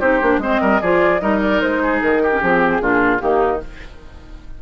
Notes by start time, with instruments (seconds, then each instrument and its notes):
0.00 bassoon C4, clarinet D#4, oboe G4, flute C5
0.22 bassoon A#3, clarinet D4
0.39 bassoon G#3, clarinet C4, oboe C5
0.46 flute D#5
0.61 bassoon G3, oboe A#4
0.81 bassoon F3, clarinet F4, oboe G#4, flute D5
1.20 bassoon G3, clarinet D#4, oboe A#4, flute D#5
1.41 flute D5
1.61 bassoon G#3, flute C5
1.83 oboe G#4
2.02 bassoon D#3, flute A#4
2.23 oboe G4
2.31 clarinet C#4
2.40 bassoon F3, clarinet C4, flute G#4
2.81 bassoon A#2, clarinet D4, oboe F4
3.19 bassoon D#3, clarinet A#3, oboe D#4, flute G4